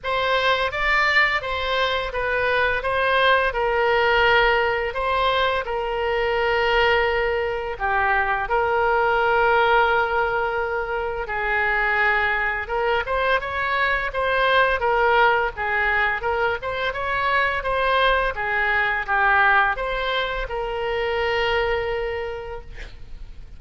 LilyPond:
\new Staff \with { instrumentName = "oboe" } { \time 4/4 \tempo 4 = 85 c''4 d''4 c''4 b'4 | c''4 ais'2 c''4 | ais'2. g'4 | ais'1 |
gis'2 ais'8 c''8 cis''4 | c''4 ais'4 gis'4 ais'8 c''8 | cis''4 c''4 gis'4 g'4 | c''4 ais'2. | }